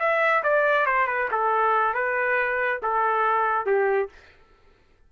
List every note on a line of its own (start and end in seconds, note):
0.00 0.43 E5
0.43 0.86 D5
0.86 1.08 C5
1.08 1.29 B4
1.31 1.94 A4
1.94 2.81 B4
2.83 3.66 A4
3.66 4.09 G4